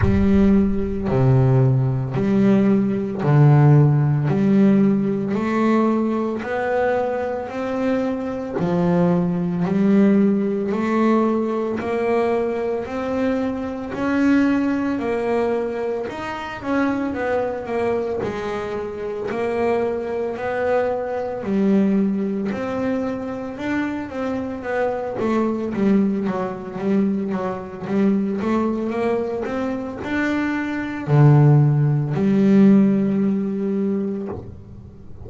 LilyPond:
\new Staff \with { instrumentName = "double bass" } { \time 4/4 \tempo 4 = 56 g4 c4 g4 d4 | g4 a4 b4 c'4 | f4 g4 a4 ais4 | c'4 cis'4 ais4 dis'8 cis'8 |
b8 ais8 gis4 ais4 b4 | g4 c'4 d'8 c'8 b8 a8 | g8 fis8 g8 fis8 g8 a8 ais8 c'8 | d'4 d4 g2 | }